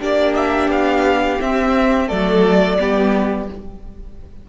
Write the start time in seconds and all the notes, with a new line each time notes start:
0.00 A#3 D4 G4 D5
0.36 E5
0.69 B3 F5
1.41 C4 E5
2.08 F#3 A3 A4 D5
2.80 G3 B3 G4